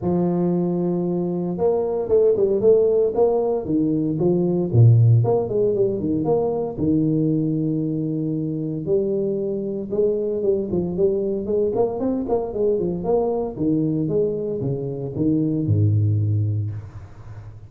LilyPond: \new Staff \with { instrumentName = "tuba" } { \time 4/4 \tempo 4 = 115 f2. ais4 | a8 g8 a4 ais4 dis4 | f4 ais,4 ais8 gis8 g8 dis8 | ais4 dis2.~ |
dis4 g2 gis4 | g8 f8 g4 gis8 ais8 c'8 ais8 | gis8 f8 ais4 dis4 gis4 | cis4 dis4 gis,2 | }